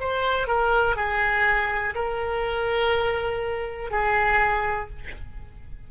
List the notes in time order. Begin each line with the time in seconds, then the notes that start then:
0.00 C5
0.47 A#4
0.96 G#4
1.95 A#4
3.91 G#4